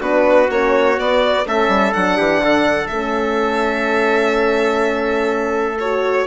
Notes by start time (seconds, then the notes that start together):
0.00 B3 D4 F#4 B4
0.49 A#3 C#4 C#5
0.95 B3 D5
1.46 A3 C#4 A4 E5
1.68 G3
1.93 F#3 D4 F#5
2.17 E3 G4
2.42 D3 A4
2.87 A3 C#4 E5
5.79 F#4 C#5